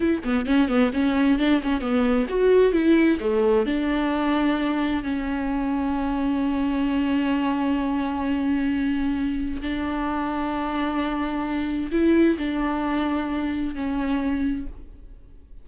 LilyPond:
\new Staff \with { instrumentName = "viola" } { \time 4/4 \tempo 4 = 131 e'8 b8 cis'8 b8 cis'4 d'8 cis'8 | b4 fis'4 e'4 a4 | d'2. cis'4~ | cis'1~ |
cis'1~ | cis'4 d'2.~ | d'2 e'4 d'4~ | d'2 cis'2 | }